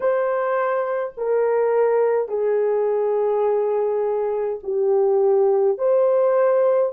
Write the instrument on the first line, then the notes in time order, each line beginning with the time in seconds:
horn
0.00 C5
1.17 A#4
2.28 G#4
4.63 G4
5.77 C5